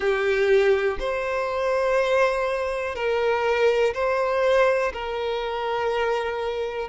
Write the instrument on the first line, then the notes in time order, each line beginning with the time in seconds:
violin
0.00 G4
0.99 C5
2.95 A#4
3.93 C5
4.93 A#4